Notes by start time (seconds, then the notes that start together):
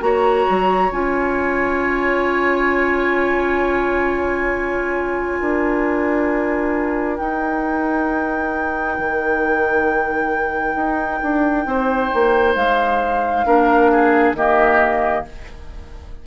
0.00 A#3 F#4 C#5 A#5
0.49 F#3
0.91 C#4 F4 G#5
5.40 D4 A#4
7.17 D#4 G5
8.98 D#3
10.75 D#4
11.22 D4
11.65 C4 C5
12.14 A#3
12.55 G#3 F5
13.46 A#3 D4 A#4
13.91 G#4
14.33 D#3 A#3 G4 D#5